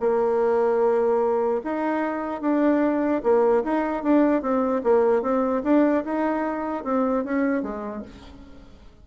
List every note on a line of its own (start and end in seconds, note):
0.00 1.61 A#3
1.64 2.41 D#4
2.41 3.22 D4
3.23 3.63 A#3
3.64 4.03 D#4
4.03 4.42 D4
4.42 4.82 C4
4.84 5.22 A#3
5.22 5.62 C4
5.64 6.04 D4
6.04 6.84 D#4
6.84 7.24 C4
7.24 7.62 C#4
7.62 8.03 G#3